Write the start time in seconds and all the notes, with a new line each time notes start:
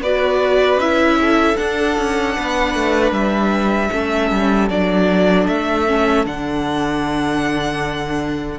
0.00 B3 F#4 B4 D5
0.76 C#4 E4 E5
1.21 A4
1.56 D4 F#5
1.98 C#4
2.36 B3 B4
2.75 A3
3.11 G3 E5
3.91 A3 C#4 A4
4.31 G3
4.69 F#3 D4 D5
5.47 A3 E5
5.87 C#4
6.25 D3 D4 F#5